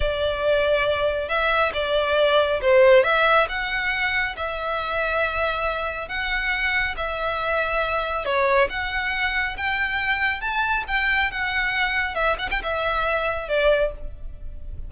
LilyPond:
\new Staff \with { instrumentName = "violin" } { \time 4/4 \tempo 4 = 138 d''2. e''4 | d''2 c''4 e''4 | fis''2 e''2~ | e''2 fis''2 |
e''2. cis''4 | fis''2 g''2 | a''4 g''4 fis''2 | e''8 fis''16 g''16 e''2 d''4 | }